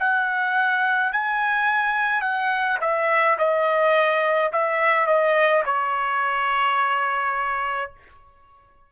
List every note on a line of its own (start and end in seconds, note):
0.00 1.13 F#5
1.13 2.22 G#5
2.22 2.78 F#5
2.81 3.38 E5
3.39 4.52 D#5
4.53 5.07 E5
5.07 5.63 D#5
5.66 7.92 C#5